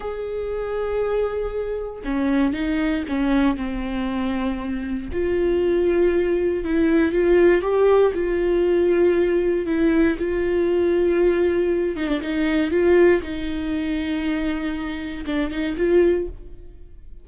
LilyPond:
\new Staff \with { instrumentName = "viola" } { \time 4/4 \tempo 4 = 118 gis'1 | cis'4 dis'4 cis'4 c'4~ | c'2 f'2~ | f'4 e'4 f'4 g'4 |
f'2. e'4 | f'2.~ f'8 dis'16 d'16 | dis'4 f'4 dis'2~ | dis'2 d'8 dis'8 f'4 | }